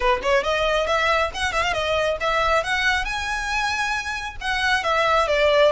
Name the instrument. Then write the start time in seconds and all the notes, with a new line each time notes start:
violin
0.00 B4
0.22 C#5
0.43 D#5
0.87 E5
1.34 F#5
1.52 E5
1.62 F5
1.73 D#5
2.20 E5
2.63 F#5
3.05 G#5
4.40 F#5
4.83 E5
5.27 D5